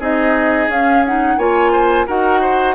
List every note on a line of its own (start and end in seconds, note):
0.00 0.68 C4
0.00 0.69 D#4
0.00 1.38 G#4
0.00 0.71 D#5
0.68 1.37 C#4
0.68 1.06 C#4
0.68 1.05 F5
1.06 1.39 D#4
1.06 1.39 F#5
1.38 2.07 A#3
1.38 2.08 F4
1.38 1.72 C#5
1.38 2.08 G#5
1.72 2.07 C5
2.07 2.76 D#4
2.07 2.76 F#4
2.07 2.41 A#4
2.07 2.76 F#5
2.41 2.76 C5